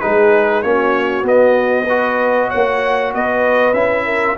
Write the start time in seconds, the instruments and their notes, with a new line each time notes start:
0.00 tuba G#3, trombone D#4, horn G#4, trumpet B4
0.62 tuba A#3, trombone C#4, horn F#4, trumpet C#5
1.23 tuba B3, trombone B3, trumpet D#5
1.86 trombone F#4, horn B4
2.48 tuba A#3, horn C#5, trumpet F#5
3.13 tuba B3, horn B4, trumpet D#5
3.73 tuba C#4, trombone E4, trumpet E5
4.05 horn A#4